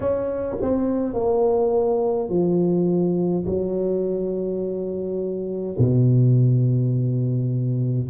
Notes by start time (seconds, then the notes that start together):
0.00 C#4
0.61 C4
1.13 A#3
2.29 F3
3.46 F#3
5.78 B2